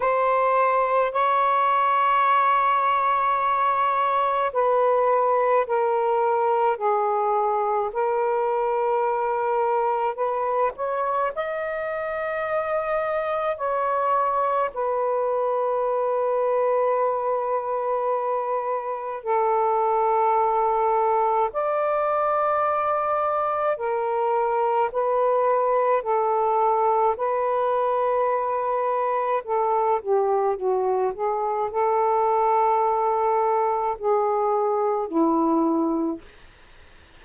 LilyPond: \new Staff \with { instrumentName = "saxophone" } { \time 4/4 \tempo 4 = 53 c''4 cis''2. | b'4 ais'4 gis'4 ais'4~ | ais'4 b'8 cis''8 dis''2 | cis''4 b'2.~ |
b'4 a'2 d''4~ | d''4 ais'4 b'4 a'4 | b'2 a'8 g'8 fis'8 gis'8 | a'2 gis'4 e'4 | }